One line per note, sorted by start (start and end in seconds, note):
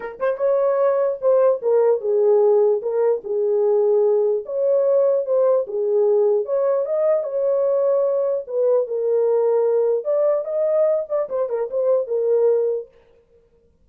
0.00 0.19 A#4
0.19 0.37 C5
0.37 1.18 C#5
1.21 1.61 C5
1.62 2.00 A#4
2.00 2.81 G#4
2.82 3.22 A#4
3.23 4.44 G#4
4.45 5.25 C#5
5.25 5.65 C5
5.67 6.45 G#4
6.45 6.85 C#5
6.85 7.23 D#5
7.23 8.44 C#5
8.47 8.87 B4
8.87 10.04 A#4
10.04 10.44 D5
10.45 11.05 D#5
11.08 11.28 D5
11.29 11.49 C5
11.49 11.69 A#4
11.70 12.07 C5
12.07 12.87 A#4